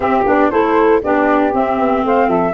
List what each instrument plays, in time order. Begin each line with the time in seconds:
0.00 tuba C4, clarinet C4, saxophone G4, flute E5
0.25 tuba B3, clarinet D4, flute D5
0.50 tuba A3, clarinet E4, saxophone A4, flute C5
1.01 tuba B3, clarinet D4, saxophone G4, flute D5
1.52 clarinet C4, tuba C4, flute E5
1.78 tuba B3
2.04 tuba A3, saxophone C5, flute F5
2.27 tuba F3, saxophone A4, flute E5